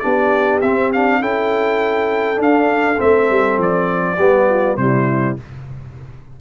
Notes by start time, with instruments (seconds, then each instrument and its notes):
0.00 tuba B3, trombone D4, horn G4, trumpet D5
0.62 tuba C4, trombone C4, trumpet E5
0.93 trombone D4, trumpet F5
1.20 tuba C#4, trombone E4, horn A4, trumpet G5
2.36 trombone D4, tuba D4
2.42 trumpet F5
2.98 tuba A3, trombone C4, trumpet E5
3.30 tuba G3
3.59 tuba F3, trumpet D5
4.16 tuba G3, trombone B3, horn G4
4.49 horn F4
4.77 tuba C3, trombone G3, horn E4, trumpet C5